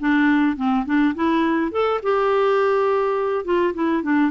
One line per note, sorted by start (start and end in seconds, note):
0.00 0.57 D4
0.57 0.85 C4
0.86 1.15 D4
1.15 1.72 E4
1.72 2.01 A4
2.03 3.45 G4
3.45 3.74 F4
3.74 4.03 E4
4.03 4.31 D4